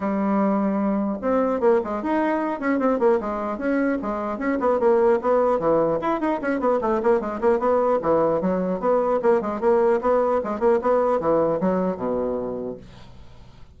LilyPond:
\new Staff \with { instrumentName = "bassoon" } { \time 4/4 \tempo 4 = 150 g2. c'4 | ais8 gis8 dis'4. cis'8 c'8 ais8 | gis4 cis'4 gis4 cis'8 b8 | ais4 b4 e4 e'8 dis'8 |
cis'8 b8 a8 ais8 gis8 ais8 b4 | e4 fis4 b4 ais8 gis8 | ais4 b4 gis8 ais8 b4 | e4 fis4 b,2 | }